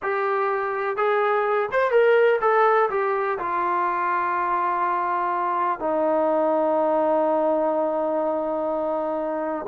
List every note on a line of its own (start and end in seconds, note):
0.02 0.96 G4
0.96 1.69 G#4
1.71 1.91 C5
1.91 2.39 A#4
2.41 2.89 A4
2.90 3.38 G4
3.38 5.79 F4
5.79 9.66 D#4